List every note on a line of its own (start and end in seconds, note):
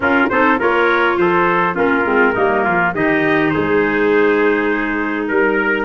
0.00 0.27 C#4
0.00 0.28 C#4
0.00 0.31 F4
0.00 0.29 A#4
0.29 0.60 C4
0.29 0.58 D#4
0.29 0.59 A4
0.29 0.58 C5
0.58 1.17 A#3
0.58 1.74 F4
0.58 1.18 A#4
0.58 1.17 C#5
1.17 1.76 F3
1.17 1.75 A4
1.17 1.76 C5
1.74 2.05 A#3
1.74 2.03 C#4
1.74 2.34 F4
1.74 2.94 A#4
2.04 2.34 G#3
2.04 2.33 C4
2.35 2.66 G3
2.35 2.94 A#3
2.35 2.64 D#4
2.64 2.94 F3
2.64 2.93 F4
2.94 3.53 D#3
2.94 5.85 D#4
2.94 3.53 G4
2.94 3.50 D#5
3.50 5.28 G#4
3.50 5.26 C5
3.56 5.30 G#3
5.28 5.85 G3
5.28 5.85 A#4